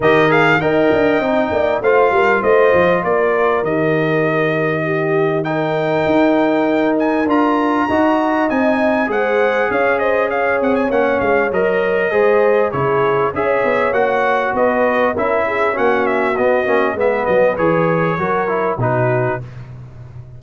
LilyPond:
<<
  \new Staff \with { instrumentName = "trumpet" } { \time 4/4 \tempo 4 = 99 dis''8 f''8 g''2 f''4 | dis''4 d''4 dis''2~ | dis''4 g''2~ g''8 gis''8 | ais''2 gis''4 fis''4 |
f''8 dis''8 f''8 fis''16 gis''16 fis''8 f''8 dis''4~ | dis''4 cis''4 e''4 fis''4 | dis''4 e''4 fis''8 e''8 dis''4 | e''8 dis''8 cis''2 b'4 | }
  \new Staff \with { instrumentName = "horn" } { \time 4/4 ais'4 dis''4. d''8 c''8 ais'8 | c''4 ais'2. | g'4 ais'2.~ | ais'4 dis''2 c''4 |
cis''8 c''8 cis''2. | c''4 gis'4 cis''2 | b'4 ais'8 gis'8 fis'2 | b'2 ais'4 fis'4 | }
  \new Staff \with { instrumentName = "trombone" } { \time 4/4 g'8 gis'8 ais'4 dis'4 f'4~ | f'2 g'2~ | g'4 dis'2. | f'4 fis'4 dis'4 gis'4~ |
gis'2 cis'4 ais'4 | gis'4 e'4 gis'4 fis'4~ | fis'4 e'4 cis'4 b8 cis'8 | b4 gis'4 fis'8 e'8 dis'4 | }
  \new Staff \with { instrumentName = "tuba" } { \time 4/4 dis4 dis'8 d'8 c'8 ais8 a8 g8 | a8 f8 ais4 dis2~ | dis2 dis'2 | d'4 dis'4 c'4 gis4 |
cis'4. c'8 ais8 gis8 fis4 | gis4 cis4 cis'8 b8 ais4 | b4 cis'4 ais4 b8 ais8 | gis8 fis8 e4 fis4 b,4 | }
>>